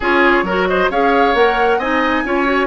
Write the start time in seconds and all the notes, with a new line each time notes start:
0.00 C#4 F4 G#4 C#5
0.42 F#3 F#4 A#4
0.67 C5 D#5
0.90 C#4 G#4 C#5 F5
1.34 A#3 A#4 F#5
1.78 C4 D#4 D#5 G#5
2.24 C#4 F4 C#5
2.45 F#4